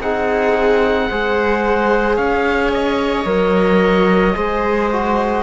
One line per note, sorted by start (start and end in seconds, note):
0.00 1.09 C4
0.00 1.10 D#4
0.00 1.08 G#4
0.00 2.16 F#5
1.08 2.17 G#3
1.08 3.25 G#4
1.08 2.16 C5
2.16 3.25 C#4
2.16 4.34 C#5
2.16 2.71 F5
2.73 5.42 D#5
3.25 4.34 F#3
3.25 4.35 A#4
4.35 5.42 G#3
4.35 4.90 G#4
4.35 5.42 C5
4.92 5.42 F#4